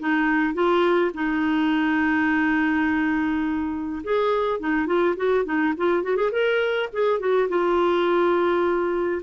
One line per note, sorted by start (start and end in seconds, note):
0.00 0.55 D#4
0.55 1.12 F4
1.14 4.03 D#4
4.04 4.60 G#4
4.60 4.87 D#4
4.87 5.16 F4
5.17 5.45 F#4
5.45 5.74 D#4
5.78 6.04 F4
6.04 6.17 F#4
6.17 6.31 G#4
6.32 6.90 A#4
6.93 7.20 G#4
7.20 7.49 F#4
7.49 9.22 F4